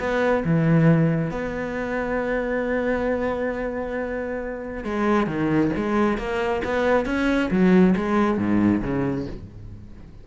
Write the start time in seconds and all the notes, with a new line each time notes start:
0.00 B3
0.45 E3
1.31 B3
4.84 G#3
5.27 D#3
5.77 G#3
6.18 A#3
6.65 B3
7.06 C#4
7.51 F#3
7.96 G#3
8.38 G#2
8.83 C#3